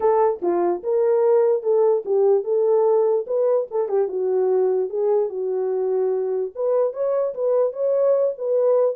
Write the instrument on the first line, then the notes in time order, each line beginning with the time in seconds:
horn
0.00 A4
0.42 F4
0.83 A#4
1.62 A4
2.05 G4
2.44 A4
3.27 B4
3.70 A4
3.88 G4
4.08 F#4
4.89 G#4
5.29 F#4
6.55 B4
6.93 C#5
7.34 B4
7.73 C#5
8.38 B4